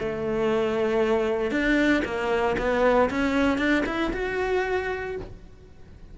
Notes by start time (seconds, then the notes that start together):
0.00 A3
1.51 D4
2.05 A#3
2.59 B3
3.10 C#4
3.58 D4
3.87 E4
4.14 F#4